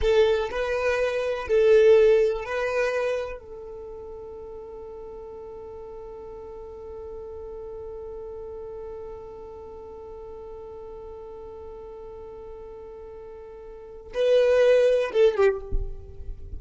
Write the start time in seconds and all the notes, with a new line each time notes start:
0.01 A4
0.50 B4
1.47 A4
2.45 B4
3.39 A4
14.14 B4
15.12 A4
15.36 G4